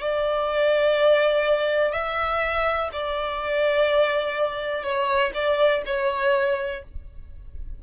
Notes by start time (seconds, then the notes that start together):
0.00 D5
1.92 E5
2.92 D5
4.83 C#5
5.34 D5
5.85 C#5